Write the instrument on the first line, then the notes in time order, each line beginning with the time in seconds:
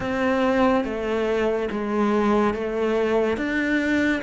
cello
0.00 C4
0.84 A3
1.71 G#3
2.54 A3
3.36 D4